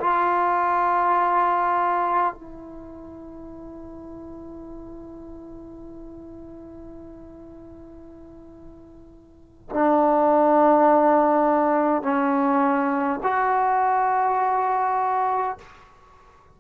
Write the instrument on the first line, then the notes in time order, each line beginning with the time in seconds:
trombone
0.00 F4
2.34 E4
9.70 D4
12.03 C#4
13.23 F#4